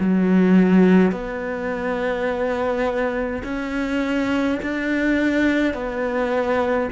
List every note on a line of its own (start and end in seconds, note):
0.00 1.12 F#3
1.12 3.43 B3
3.44 4.59 C#4
4.63 5.74 D4
5.74 6.89 B3